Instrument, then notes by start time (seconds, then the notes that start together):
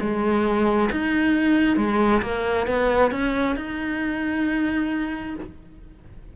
cello
0.00 G#3
0.92 D#4
1.77 G#3
2.22 A#3
2.67 B3
3.11 C#4
3.56 D#4